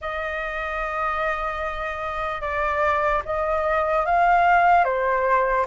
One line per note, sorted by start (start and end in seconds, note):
0.01 2.41 D#5
2.41 3.22 D5
3.25 4.05 D#5
4.05 4.84 F5
4.84 5.65 C5